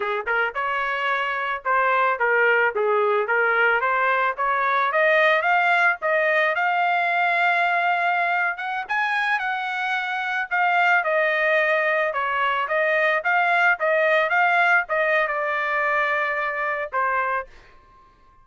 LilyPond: \new Staff \with { instrumentName = "trumpet" } { \time 4/4 \tempo 4 = 110 gis'8 ais'8 cis''2 c''4 | ais'4 gis'4 ais'4 c''4 | cis''4 dis''4 f''4 dis''4 | f''2.~ f''8. fis''16~ |
fis''16 gis''4 fis''2 f''8.~ | f''16 dis''2 cis''4 dis''8.~ | dis''16 f''4 dis''4 f''4 dis''8. | d''2. c''4 | }